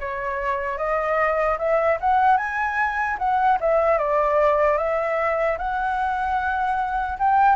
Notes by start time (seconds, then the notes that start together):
0.00 C#5
0.78 D#5
1.59 E5
2.00 F#5
2.37 G#5
3.19 F#5
3.61 E5
3.98 D5
4.78 E5
5.58 F#5
7.19 G5